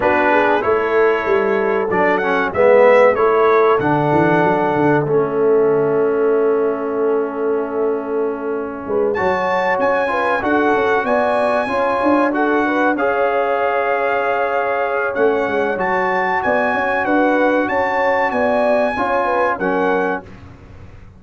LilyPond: <<
  \new Staff \with { instrumentName = "trumpet" } { \time 4/4 \tempo 4 = 95 b'4 cis''2 d''8 fis''8 | e''4 cis''4 fis''2 | e''1~ | e''2~ e''8 a''4 gis''8~ |
gis''8 fis''4 gis''2 fis''8~ | fis''8 f''2.~ f''8 | fis''4 a''4 gis''4 fis''4 | a''4 gis''2 fis''4 | }
  \new Staff \with { instrumentName = "horn" } { \time 4/4 fis'8 gis'8 a'2. | b'4 a'2.~ | a'1~ | a'2 b'8 cis''4. |
b'8 a'4 d''4 cis''4 a'8 | b'8 cis''2.~ cis''8~ | cis''2 d''8 cis''8 b'4 | cis''4 d''4 cis''8 b'8 ais'4 | }
  \new Staff \with { instrumentName = "trombone" } { \time 4/4 d'4 e'2 d'8 cis'8 | b4 e'4 d'2 | cis'1~ | cis'2~ cis'8 fis'4. |
f'8 fis'2 f'4 fis'8~ | fis'8 gis'2.~ gis'8 | cis'4 fis'2.~ | fis'2 f'4 cis'4 | }
  \new Staff \with { instrumentName = "tuba" } { \time 4/4 b4 a4 g4 fis4 | gis4 a4 d8 e8 fis8 d8 | a1~ | a2 gis8 fis4 cis'8~ |
cis'8 d'8 cis'8 b4 cis'8 d'4~ | d'8 cis'2.~ cis'8 | a8 gis8 fis4 b8 cis'8 d'4 | cis'4 b4 cis'4 fis4 | }
>>